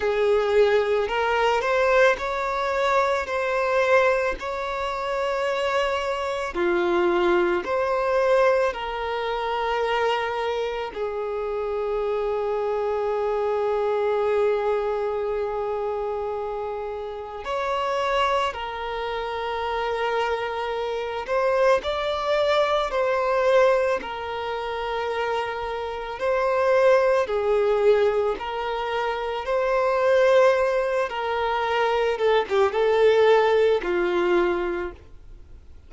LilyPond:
\new Staff \with { instrumentName = "violin" } { \time 4/4 \tempo 4 = 55 gis'4 ais'8 c''8 cis''4 c''4 | cis''2 f'4 c''4 | ais'2 gis'2~ | gis'1 |
cis''4 ais'2~ ais'8 c''8 | d''4 c''4 ais'2 | c''4 gis'4 ais'4 c''4~ | c''8 ais'4 a'16 g'16 a'4 f'4 | }